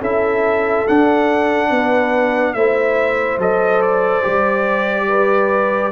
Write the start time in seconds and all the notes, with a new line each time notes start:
0.00 C#4 E4 A4 E5
0.87 D4 F#5
1.69 B3 B4
2.53 A3 E4 C5 E5
3.38 F#3 A4 D#5
3.81 D5
4.22 G3 G4
5.08 B4